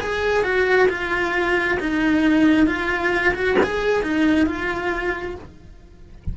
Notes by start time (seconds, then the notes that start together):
0.00 G#4
0.44 F#4
0.89 F4
1.80 D#4
2.67 F4
3.34 F#4
3.63 G#4
4.03 D#4
4.46 F4